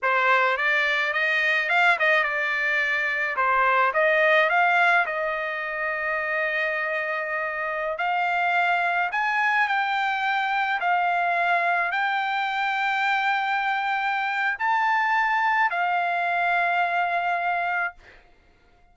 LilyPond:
\new Staff \with { instrumentName = "trumpet" } { \time 4/4 \tempo 4 = 107 c''4 d''4 dis''4 f''8 dis''8 | d''2 c''4 dis''4 | f''4 dis''2.~ | dis''2~ dis''16 f''4.~ f''16~ |
f''16 gis''4 g''2 f''8.~ | f''4~ f''16 g''2~ g''8.~ | g''2 a''2 | f''1 | }